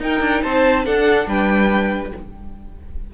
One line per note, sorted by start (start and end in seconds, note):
0.00 0.84 D#4
0.00 0.20 D#4
0.00 0.43 A#4
0.00 0.43 G5
0.20 0.42 D4
0.43 0.87 C4
0.43 0.86 C5
0.43 0.85 A5
0.84 2.12 D4
0.84 1.27 D4
0.84 1.28 A4
0.84 1.29 F#5
1.27 2.13 G3
1.27 2.14 B4
1.27 2.14 G5